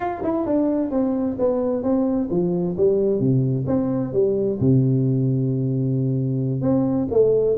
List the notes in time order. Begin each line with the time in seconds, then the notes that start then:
0.00 F4
0.23 E4
0.46 D4
0.90 C4
1.38 B3
1.83 C4
2.30 F3
2.77 G3
3.19 C3
3.66 C4
4.12 G3
4.60 C3
6.61 C4
7.11 A3